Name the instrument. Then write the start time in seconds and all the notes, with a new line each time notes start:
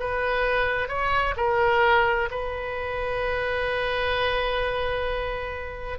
oboe
0.00 B4
0.89 C#5
1.37 A#4
2.31 B4